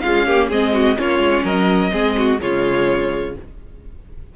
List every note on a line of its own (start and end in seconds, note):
0.00 0.27 G#3
0.00 0.50 C#4
0.00 0.25 F4
0.00 0.47 F5
0.25 0.51 A#3
0.25 0.49 G4
0.49 0.98 G#3
0.49 0.95 C4
0.49 0.73 G#4
0.49 0.99 D#5
0.73 0.97 F#4
0.95 1.19 A#3
0.95 1.90 C#4
0.95 1.44 F4
0.95 1.46 C#5
1.19 1.42 G#3
1.44 1.91 F#3
1.44 1.91 A#4
1.44 2.40 D#5
1.92 2.40 G#3
1.92 2.39 C4
1.92 2.16 G#4
2.18 2.41 F#4
2.39 3.36 C#3
2.39 3.33 G#3
2.39 3.36 F4
2.39 3.35 C#5